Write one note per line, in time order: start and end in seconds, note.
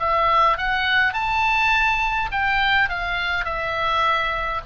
0.00 0.58 E5
0.58 1.14 F#5
1.14 2.30 A5
2.32 2.90 G5
2.90 3.45 F5
3.45 4.62 E5